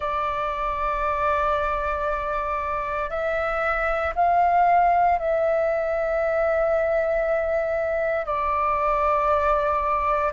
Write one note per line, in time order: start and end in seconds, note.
0.00 3.10 D5
3.10 4.13 E5
4.15 5.18 F5
5.18 8.25 E5
8.25 10.32 D5